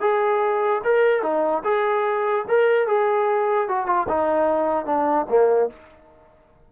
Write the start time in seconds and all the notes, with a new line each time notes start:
0.00 G#4
0.84 A#4
1.22 D#4
1.64 G#4
2.48 A#4
2.87 G#4
3.68 F#4
3.86 F4
4.08 D#4
4.85 D4
5.29 A#3